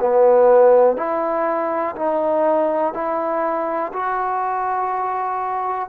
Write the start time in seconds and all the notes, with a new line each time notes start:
0.00 B3
0.97 E4
1.96 D#4
2.94 E4
3.93 F#4